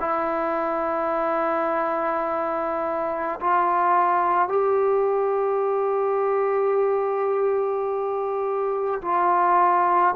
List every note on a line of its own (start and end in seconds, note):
0.00 3.40 E4
3.41 4.49 F4
4.49 9.02 G4
9.02 10.15 F4